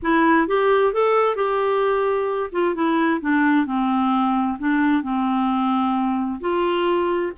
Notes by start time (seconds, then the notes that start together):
0.02 E4
0.47 G4
0.93 A4
1.35 G4
2.52 F4
2.74 E4
3.20 D4
3.66 C4
4.59 D4
5.02 C4
6.40 F4